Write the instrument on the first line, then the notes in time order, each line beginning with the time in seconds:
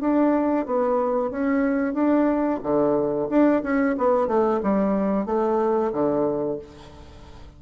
bassoon
0.00 D4
0.65 B3
1.30 C#4
1.94 D4
2.63 D3
3.29 D4
3.63 C#4
3.97 B3
4.27 A3
4.63 G3
5.25 A3
5.93 D3